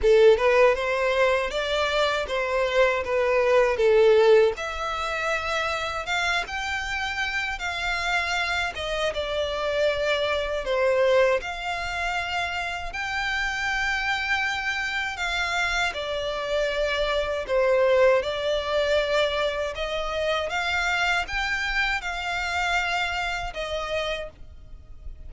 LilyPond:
\new Staff \with { instrumentName = "violin" } { \time 4/4 \tempo 4 = 79 a'8 b'8 c''4 d''4 c''4 | b'4 a'4 e''2 | f''8 g''4. f''4. dis''8 | d''2 c''4 f''4~ |
f''4 g''2. | f''4 d''2 c''4 | d''2 dis''4 f''4 | g''4 f''2 dis''4 | }